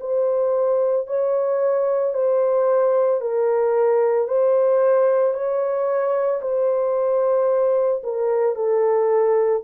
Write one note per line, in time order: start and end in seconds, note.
0.00 1.07 C5
1.07 2.14 C#5
2.14 3.21 C5
3.21 4.28 A#4
4.28 5.33 C5
5.33 6.40 C#5
6.41 8.02 C5
8.03 8.55 A#4
8.55 9.62 A4